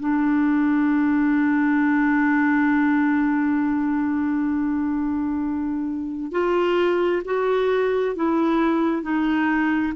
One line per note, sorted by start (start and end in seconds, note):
0.00 6.32 D4
6.32 7.23 F4
7.25 8.16 F#4
8.16 9.02 E4
9.02 9.93 D#4